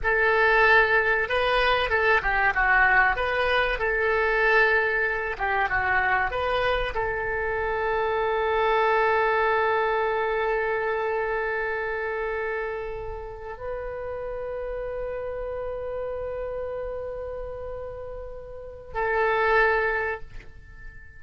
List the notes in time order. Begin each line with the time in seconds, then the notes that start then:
0.03 A4
1.28 B4
1.89 A4
2.22 G4
2.54 F#4
3.16 B4
3.78 A4
5.38 G4
5.69 F#4
6.30 B4
6.94 A4
13.57 B4
18.94 A4